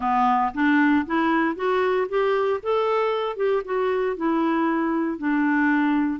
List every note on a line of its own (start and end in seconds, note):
0.00 0.52 B3
0.54 1.05 D4
1.06 1.55 E4
1.55 2.07 F#4
2.08 2.60 G4
2.62 3.36 A4
3.36 3.62 G4
3.65 4.16 F#4
4.16 5.17 E4
5.17 6.19 D4